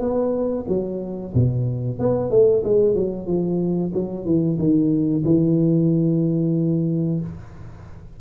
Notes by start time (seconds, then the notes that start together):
0.00 B3
0.68 F#3
1.35 B2
2.00 B3
2.31 A3
2.65 G#3
2.95 F#3
3.27 F3
3.94 F#3
4.26 E3
4.59 D#3
5.25 E3